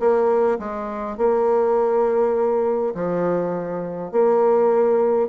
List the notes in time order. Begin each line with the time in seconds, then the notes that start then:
0.00 A#3
0.59 G#3
1.18 A#3
2.95 F3
4.12 A#3